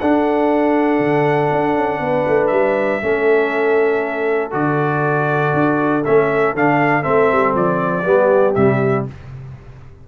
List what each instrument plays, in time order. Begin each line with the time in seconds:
0.00 tuba D4, trombone D4, horn A4, trumpet F#5
0.99 tuba D3
1.51 tuba D4
1.74 tuba C#4
2.00 tuba B3, horn B4
2.27 tuba A3
2.47 tuba G3, trumpet E5
3.02 tuba A3, trombone C#4, horn A4
4.51 tuba D3, trombone F#4, trumpet D5
5.54 tuba D4
6.05 tuba A3, trombone C#4, trumpet E5
6.54 tuba D3, trombone D4, trumpet F5
7.03 tuba A3, trombone C4, trumpet E5
7.32 tuba G3
7.55 tuba F3, trumpet D5
8.04 tuba G3, trombone B3, horn G4
8.55 tuba C3, trombone G3, trumpet E5